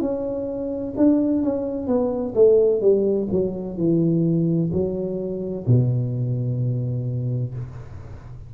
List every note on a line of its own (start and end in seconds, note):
0.00 0.94 C#4
0.97 1.43 D4
1.43 1.87 C#4
1.87 2.34 B3
2.34 2.81 A3
2.81 3.28 G3
3.31 3.77 F#3
3.77 4.70 E3
4.72 5.66 F#3
5.66 7.54 B2